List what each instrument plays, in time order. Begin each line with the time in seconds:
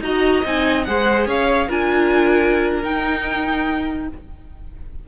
0.00 cello D#4, viola F#4, violin D#5 A#5
0.43 cello C4, viola D#4, violin G#5
0.84 cello G#3, viola G#4, violin C5 F#5
1.26 cello C#4, violin C#5 F5
1.68 cello D4, viola F4, violin A#4 G#5
2.82 viola D#4, cello D#4, violin G5